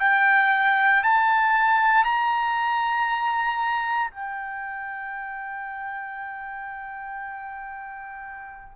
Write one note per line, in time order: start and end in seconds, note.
0.00 1.03 G5
1.03 2.05 A5
2.05 4.11 A#5
4.11 8.76 G5